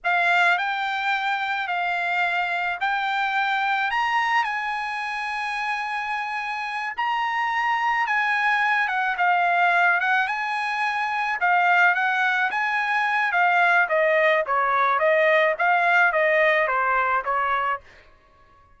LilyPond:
\new Staff \with { instrumentName = "trumpet" } { \time 4/4 \tempo 4 = 108 f''4 g''2 f''4~ | f''4 g''2 ais''4 | gis''1~ | gis''8 ais''2 gis''4. |
fis''8 f''4. fis''8 gis''4.~ | gis''8 f''4 fis''4 gis''4. | f''4 dis''4 cis''4 dis''4 | f''4 dis''4 c''4 cis''4 | }